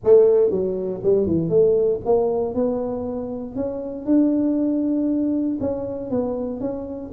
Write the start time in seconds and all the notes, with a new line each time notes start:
0.03 A3
0.50 F#3
1.03 G3
1.26 E3
1.49 A3
2.05 A#3
2.54 B3
3.55 C#4
4.05 D4
5.60 C#4
6.10 B3
6.60 C#4